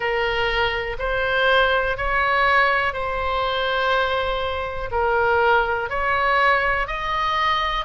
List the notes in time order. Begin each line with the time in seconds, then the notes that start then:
0.00 A#4
0.98 C5
1.97 C#5
2.93 C5
4.91 A#4
5.89 C#5
6.87 D#5